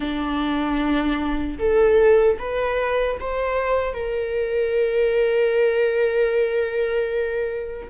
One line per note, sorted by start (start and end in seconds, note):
0.00 1.58 D4
1.58 2.37 A4
2.38 3.17 B4
3.20 3.93 C5
3.93 7.88 A#4